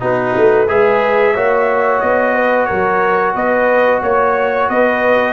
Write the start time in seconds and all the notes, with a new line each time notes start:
0.00 B3 D#4 F#4 B4
0.36 A3
0.68 G#3 G#4 B4 E5
1.34 A#3 F#4 C#5
2.00 B3 D#5
2.34 B4
2.65 F#3 A#4 C#5
3.35 B3 B4 D#5
4.02 A#3 C#5
4.69 B3 B4 D#5